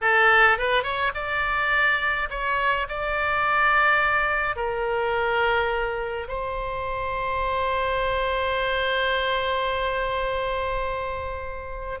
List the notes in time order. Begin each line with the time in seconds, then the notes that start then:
0.01 A4
0.57 B4
0.83 C#5
1.14 D5
2.30 C#5
2.88 D5
4.56 A#4
6.28 C5